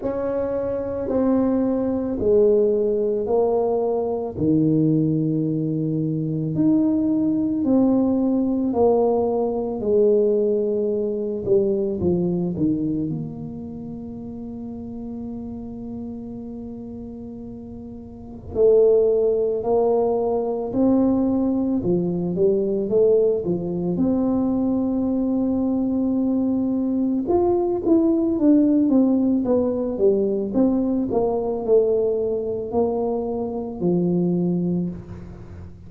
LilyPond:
\new Staff \with { instrumentName = "tuba" } { \time 4/4 \tempo 4 = 55 cis'4 c'4 gis4 ais4 | dis2 dis'4 c'4 | ais4 gis4. g8 f8 dis8 | ais1~ |
ais4 a4 ais4 c'4 | f8 g8 a8 f8 c'2~ | c'4 f'8 e'8 d'8 c'8 b8 g8 | c'8 ais8 a4 ais4 f4 | }